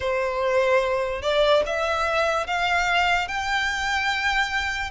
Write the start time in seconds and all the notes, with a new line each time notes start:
0.00 C5
1.22 D5
1.66 E5
2.46 F5
3.28 G5